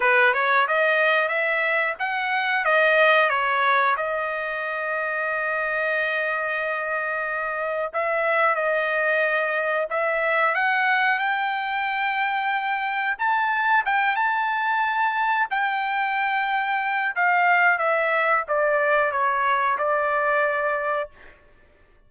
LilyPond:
\new Staff \with { instrumentName = "trumpet" } { \time 4/4 \tempo 4 = 91 b'8 cis''8 dis''4 e''4 fis''4 | dis''4 cis''4 dis''2~ | dis''1 | e''4 dis''2 e''4 |
fis''4 g''2. | a''4 g''8 a''2 g''8~ | g''2 f''4 e''4 | d''4 cis''4 d''2 | }